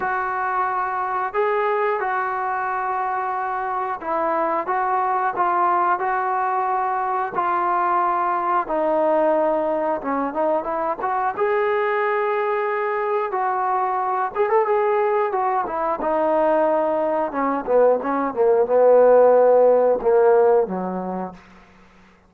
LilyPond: \new Staff \with { instrumentName = "trombone" } { \time 4/4 \tempo 4 = 90 fis'2 gis'4 fis'4~ | fis'2 e'4 fis'4 | f'4 fis'2 f'4~ | f'4 dis'2 cis'8 dis'8 |
e'8 fis'8 gis'2. | fis'4. gis'16 a'16 gis'4 fis'8 e'8 | dis'2 cis'8 b8 cis'8 ais8 | b2 ais4 fis4 | }